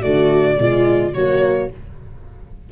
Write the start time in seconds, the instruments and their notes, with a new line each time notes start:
0.00 tuba D3, horn A3, viola F#4, violin D5
0.56 tuba B2, horn G#3, viola F4
1.13 tuba F#3, horn A#3, viola F#4, violin C#5